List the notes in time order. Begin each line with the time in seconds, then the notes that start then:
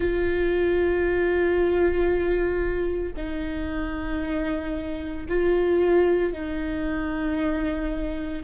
0.00 F4
3.16 D#4
5.28 F4
6.32 D#4